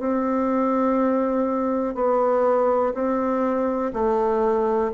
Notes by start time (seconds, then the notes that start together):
0.00 C4
1.95 B3
2.94 C4
3.93 A3